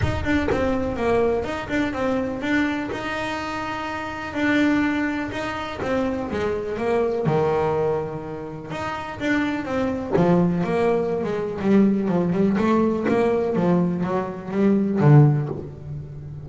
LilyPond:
\new Staff \with { instrumentName = "double bass" } { \time 4/4 \tempo 4 = 124 dis'8 d'8 c'4 ais4 dis'8 d'8 | c'4 d'4 dis'2~ | dis'4 d'2 dis'4 | c'4 gis4 ais4 dis4~ |
dis2 dis'4 d'4 | c'4 f4 ais4~ ais16 gis8. | g4 f8 g8 a4 ais4 | f4 fis4 g4 d4 | }